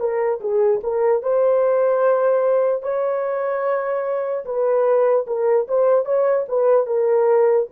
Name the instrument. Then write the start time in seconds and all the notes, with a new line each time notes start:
horn
0.00 A#4
0.41 G#4
0.84 A#4
1.23 C5
2.83 C#5
4.46 B4
5.27 A#4
5.68 C5
6.06 C#5
6.49 B4
6.87 A#4